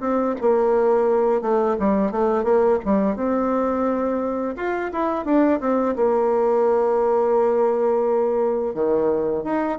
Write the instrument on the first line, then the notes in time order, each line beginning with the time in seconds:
bassoon
0.00 C4
0.41 A#3
1.41 A3
1.79 G3
2.11 A3
2.43 A#3
2.84 G3
3.16 C4
4.56 F4
4.92 E4
5.25 D4
5.60 C4
5.95 A#3
8.74 D#3
9.43 D#4